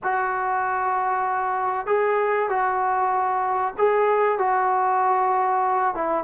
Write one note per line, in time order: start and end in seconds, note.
0.03 1.86 F#4
1.86 2.49 G#4
2.49 3.74 F#4
3.78 4.38 G#4
4.38 5.94 F#4
5.94 6.23 E4